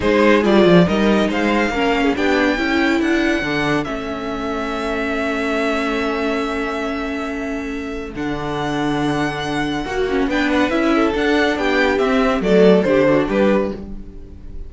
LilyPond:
<<
  \new Staff \with { instrumentName = "violin" } { \time 4/4 \tempo 4 = 140 c''4 d''4 dis''4 f''4~ | f''4 g''2 fis''4~ | fis''4 e''2.~ | e''1~ |
e''2. fis''4~ | fis''1 | g''8 fis''8 e''4 fis''4 g''4 | e''4 d''4 c''4 b'4 | }
  \new Staff \with { instrumentName = "violin" } { \time 4/4 gis'2 ais'4 c''4 | ais'8. gis'16 g'4 a'2~ | a'1~ | a'1~ |
a'1~ | a'2. fis'4 | b'4. a'4. g'4~ | g'4 a'4 g'8 fis'8 g'4 | }
  \new Staff \with { instrumentName = "viola" } { \time 4/4 dis'4 f'4 dis'2 | cis'4 d'4 e'2 | d'4 cis'2.~ | cis'1~ |
cis'2. d'4~ | d'2. fis'8 cis'8 | d'4 e'4 d'2 | c'4 a4 d'2 | }
  \new Staff \with { instrumentName = "cello" } { \time 4/4 gis4 g8 f8 g4 gis4 | ais4 b4 cis'4 d'4 | d4 a2.~ | a1~ |
a2. d4~ | d2. ais4 | b4 cis'4 d'4 b4 | c'4 fis4 d4 g4 | }
>>